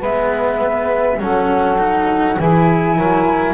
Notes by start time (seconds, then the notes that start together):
0.00 G#3 B3 B4 E5
1.20 F#3 C#4 A4 F#5
1.78 D#4
2.38 E3 E4 G#4 G#5
2.96 F#3 A#4